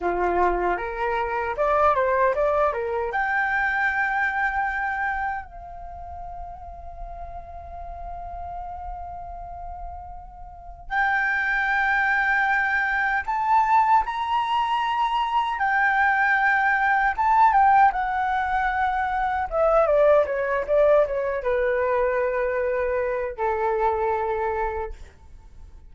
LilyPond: \new Staff \with { instrumentName = "flute" } { \time 4/4 \tempo 4 = 77 f'4 ais'4 d''8 c''8 d''8 ais'8 | g''2. f''4~ | f''1~ | f''2 g''2~ |
g''4 a''4 ais''2 | g''2 a''8 g''8 fis''4~ | fis''4 e''8 d''8 cis''8 d''8 cis''8 b'8~ | b'2 a'2 | }